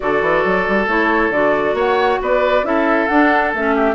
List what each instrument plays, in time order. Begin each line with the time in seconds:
0.00 bassoon D3, clarinet F#4, oboe A4, flute D5
0.21 bassoon E3
0.44 bassoon F#3
0.67 bassoon G3
0.86 bassoon A3, clarinet E4, flute C#5
1.30 bassoon D3, clarinet F#4, flute D5
1.73 bassoon A#3, oboe C#5, flute F#5
2.22 bassoon B3, oboe B4, flute D5
2.63 bassoon C#4, clarinet E4, oboe A4, flute E5
3.07 bassoon D4, clarinet D4, flute F#5
3.53 bassoon A3, clarinet C#4, flute E5
3.75 oboe G4